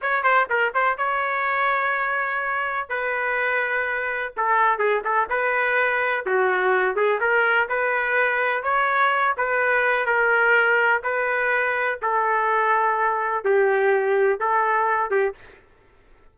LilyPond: \new Staff \with { instrumentName = "trumpet" } { \time 4/4 \tempo 4 = 125 cis''8 c''8 ais'8 c''8 cis''2~ | cis''2 b'2~ | b'4 a'4 gis'8 a'8 b'4~ | b'4 fis'4. gis'8 ais'4 |
b'2 cis''4. b'8~ | b'4 ais'2 b'4~ | b'4 a'2. | g'2 a'4. g'8 | }